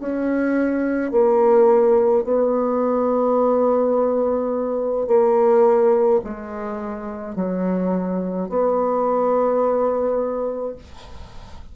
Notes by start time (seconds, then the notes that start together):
0.00 C#4
1.12 A#3
2.24 B3
5.07 A#3
6.24 G#3
7.35 F#3
8.49 B3